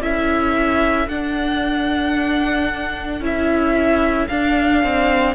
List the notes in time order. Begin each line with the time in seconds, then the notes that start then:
0.00 C#4 E4 A4 E5
1.08 D4 F#5
3.20 C#4 E4 E5
4.28 D4 F5
4.83 C4